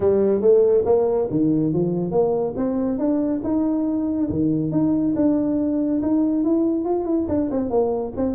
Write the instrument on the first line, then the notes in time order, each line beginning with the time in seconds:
tuba
0.00 G3
0.41 A3
0.85 A#3
1.30 D#3
1.73 F3
2.11 A#3
2.56 C4
2.98 D4
3.43 D#4
4.29 D#3
4.71 D#4
5.15 D4
6.02 D#4
6.43 E4
6.84 F4
7.05 E4
7.28 D4
7.50 C4
7.69 A#3
8.16 C4